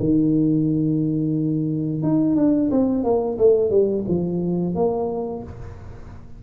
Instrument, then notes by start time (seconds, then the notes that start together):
tuba
0.00 D#3
2.03 D#4
2.36 D4
2.71 C4
3.04 A#3
3.39 A3
3.71 G3
4.08 F3
4.75 A#3